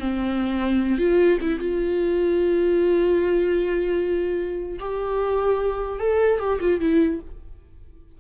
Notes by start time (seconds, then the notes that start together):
0.00 C4
0.99 F4
1.41 E4
1.59 F4
4.80 G4
6.00 A4
6.40 G4
6.61 F4
6.81 E4